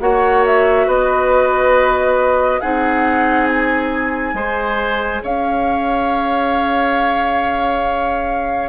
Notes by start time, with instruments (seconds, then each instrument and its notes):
0.00 bassoon A#3, clarinet F#4, oboe C#5, flute F#5
0.46 flute E5
0.87 bassoon B3, oboe B4, flute D#5
2.61 bassoon C4, clarinet D#4, oboe G#4, flute F#5
3.49 flute G#5
4.34 bassoon G#3, clarinet G#4, oboe C5
5.23 bassoon C#4, oboe C#5, flute F5